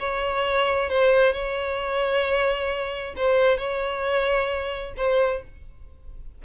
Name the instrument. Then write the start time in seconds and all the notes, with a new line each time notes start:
violin
0.00 C#5
0.90 C5
1.33 C#5
3.17 C5
3.58 C#5
4.97 C5